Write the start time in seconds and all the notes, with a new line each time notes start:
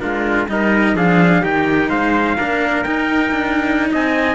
0.00 G#3 D4 F4 A#4
0.48 G3 D#4 A#4 D#5
0.94 F3 D4 G#4 F5
1.41 D#3 D#4 G4 G5
1.89 G#3 C5 F5
2.37 A#3 D4 A#4
2.83 D#4 G5
3.32 D4
3.92 C4 D#5 G#5